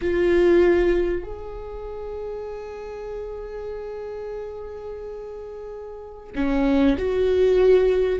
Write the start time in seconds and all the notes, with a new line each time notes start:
0.01 F4
1.23 G#4
6.35 C#4
6.97 F#4